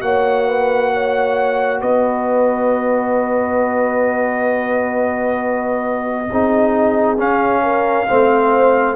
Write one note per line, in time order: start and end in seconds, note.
0.00 1.81 A#3
0.00 6.27 F#4
0.00 0.48 C#5
0.00 1.80 F#5
0.48 0.92 B4
0.93 1.80 C#5
1.80 6.29 B3
1.80 6.28 B4
1.80 7.18 D#5
6.31 7.19 C4
6.31 7.17 D#4
6.31 7.63 G#4
7.17 8.07 C#4
7.17 8.09 C#4
7.17 8.96 F5
7.63 8.08 A#4
8.07 8.96 A3
8.07 8.96 C4
8.07 8.96 C5